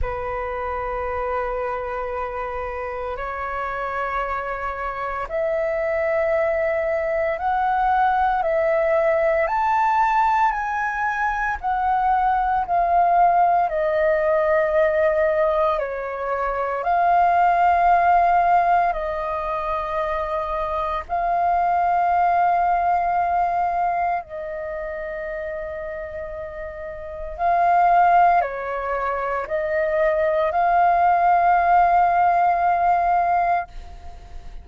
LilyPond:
\new Staff \with { instrumentName = "flute" } { \time 4/4 \tempo 4 = 57 b'2. cis''4~ | cis''4 e''2 fis''4 | e''4 a''4 gis''4 fis''4 | f''4 dis''2 cis''4 |
f''2 dis''2 | f''2. dis''4~ | dis''2 f''4 cis''4 | dis''4 f''2. | }